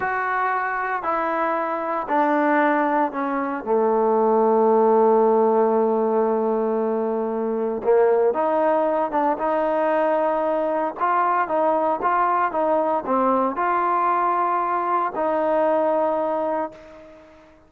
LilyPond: \new Staff \with { instrumentName = "trombone" } { \time 4/4 \tempo 4 = 115 fis'2 e'2 | d'2 cis'4 a4~ | a1~ | a2. ais4 |
dis'4. d'8 dis'2~ | dis'4 f'4 dis'4 f'4 | dis'4 c'4 f'2~ | f'4 dis'2. | }